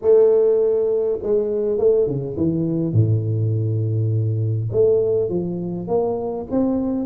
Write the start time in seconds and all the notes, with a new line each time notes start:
0.01 A3
1.22 G#3
1.78 A3
2.06 C#3
2.36 E3
2.93 A2
4.72 A3
5.29 F3
5.87 A#3
6.50 C4